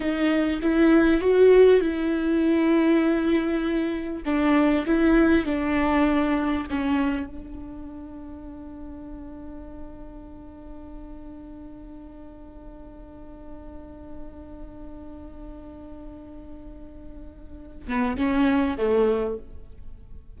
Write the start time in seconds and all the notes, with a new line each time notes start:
0.00 D#4
0.62 E4
1.20 F#4
1.80 E4
4.25 D4
4.86 E4
5.45 D4
6.70 C#4
7.26 D4
17.87 B3
18.16 C#4
18.77 A3